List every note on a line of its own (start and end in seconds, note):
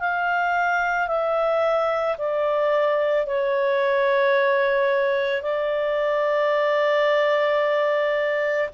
0.00 1.08 F5
1.08 2.17 E5
2.18 3.26 D5
3.26 5.42 C#5
5.42 8.70 D5